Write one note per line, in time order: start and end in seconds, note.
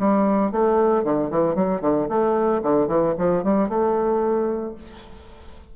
0.00 0.52 G3
0.52 1.04 A3
1.04 1.31 D3
1.31 1.55 E3
1.55 1.81 F#3
1.81 2.08 D3
2.09 2.62 A3
2.63 2.88 D3
2.88 3.14 E3
3.18 3.44 F3
3.44 3.69 G3
3.69 4.75 A3